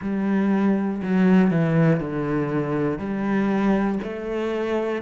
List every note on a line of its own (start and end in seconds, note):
0.01 1.01 G3
1.03 1.50 F#3
1.50 2.00 E3
2.00 2.98 D3
2.98 3.98 G3
4.03 5.01 A3